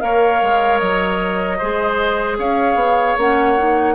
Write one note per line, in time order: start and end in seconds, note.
0.00 0.42 A#3
0.00 1.58 A#4
0.00 1.58 C#5
0.00 0.79 F5
0.42 0.81 G#3
0.79 1.60 F#3
0.79 2.37 D#5
1.58 2.39 G#3
1.58 3.19 G#4
1.58 2.37 C5
2.39 2.75 C#4
2.39 3.95 C#5
2.39 3.18 F5
2.75 3.14 B3
3.17 3.95 A#3
3.17 3.58 C#4
3.17 3.95 F#5
3.58 3.95 D#4